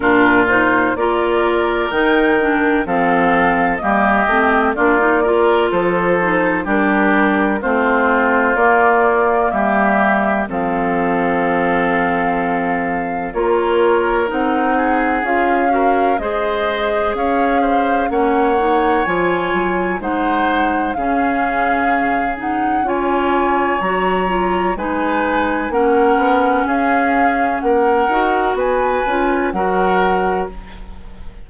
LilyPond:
<<
  \new Staff \with { instrumentName = "flute" } { \time 4/4 \tempo 4 = 63 ais'8 c''8 d''4 g''4 f''4 | dis''4 d''4 c''4 ais'4 | c''4 d''4 e''4 f''4~ | f''2 cis''4 fis''4 |
f''4 dis''4 f''4 fis''4 | gis''4 fis''4 f''4. fis''8 | gis''4 ais''4 gis''4 fis''4 | f''4 fis''4 gis''4 fis''4 | }
  \new Staff \with { instrumentName = "oboe" } { \time 4/4 f'4 ais'2 a'4 | g'4 f'8 ais'8 a'4 g'4 | f'2 g'4 a'4~ | a'2 ais'4. gis'8~ |
gis'8 ais'8 c''4 cis''8 c''8 cis''4~ | cis''4 c''4 gis'2 | cis''2 b'4 ais'4 | gis'4 ais'4 b'4 ais'4 | }
  \new Staff \with { instrumentName = "clarinet" } { \time 4/4 d'8 dis'8 f'4 dis'8 d'8 c'4 | ais8 c'8 d'16 dis'16 f'4 dis'8 d'4 | c'4 ais2 c'4~ | c'2 f'4 dis'4 |
f'8 fis'8 gis'2 cis'8 dis'8 | f'4 dis'4 cis'4. dis'8 | f'4 fis'8 f'8 dis'4 cis'4~ | cis'4. fis'4 f'8 fis'4 | }
  \new Staff \with { instrumentName = "bassoon" } { \time 4/4 ais,4 ais4 dis4 f4 | g8 a8 ais4 f4 g4 | a4 ais4 g4 f4~ | f2 ais4 c'4 |
cis'4 gis4 cis'4 ais4 | f8 fis8 gis4 cis2 | cis'4 fis4 gis4 ais8 b8 | cis'4 ais8 dis'8 b8 cis'8 fis4 | }
>>